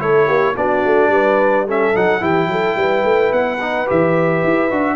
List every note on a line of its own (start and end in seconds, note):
0.00 0.29 A3
0.00 0.55 E4
0.00 0.27 A4
0.00 0.56 C#5
0.27 0.56 A#3
0.27 0.55 G4
0.57 0.85 B3
0.57 1.68 D4
0.57 1.12 F#4
0.57 1.67 D5
0.86 1.08 A3
1.08 1.91 G3
1.08 1.67 B4
1.67 1.95 C#4
1.67 2.21 A4
1.67 1.97 E5
1.95 2.21 F#3
1.95 2.21 D#4
1.95 2.24 F#5
2.21 2.48 E3
2.21 3.58 E4
2.21 2.49 G4
2.21 3.33 G5
2.48 2.75 F#3
2.48 2.78 A4
2.76 3.04 G3
2.76 4.96 B4
3.04 3.32 A3
3.32 3.87 B3
3.32 3.88 F#5
3.61 3.87 D#4
3.87 4.44 E3
3.87 4.70 G4
3.87 4.96 E5
4.44 4.71 E4
4.71 4.96 D4
4.71 4.96 F#4